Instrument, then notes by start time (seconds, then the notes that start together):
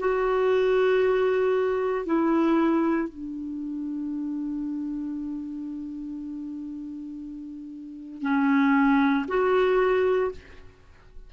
clarinet
0.00 F#4
2.06 E4
3.09 D4
8.22 C#4
9.29 F#4